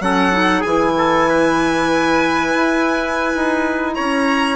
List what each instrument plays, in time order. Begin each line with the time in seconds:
0.00 bassoon F#3, clarinet C#4, trumpet A4, violin F#5
0.31 clarinet D#4
0.60 bassoon E3, trumpet G#4, violin G#5
0.66 clarinet E4
0.97 trumpet A4
1.28 trumpet B4
2.55 bassoon E4
3.34 bassoon D#4
3.94 bassoon C#4, trumpet C#5, violin A#5